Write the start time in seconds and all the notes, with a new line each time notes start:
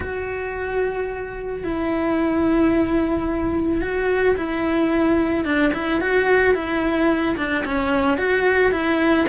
0.00 F#4
1.64 E4
3.81 F#4
4.37 E4
5.44 D4
5.73 E4
6.00 F#4
6.54 E4
7.36 D4
7.64 C#4
8.17 F#4
8.71 E4